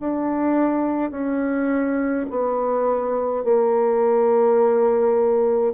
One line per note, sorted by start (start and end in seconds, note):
0.00 1.11 D4
1.11 2.26 C#4
2.30 3.44 B3
3.44 5.74 A#3